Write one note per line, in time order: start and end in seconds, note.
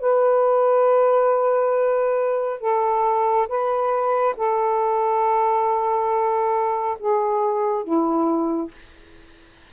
0.00 2.60 B4
2.60 3.47 A4
3.48 4.35 B4
4.36 6.97 A4
6.99 7.84 G#4
7.84 8.71 E4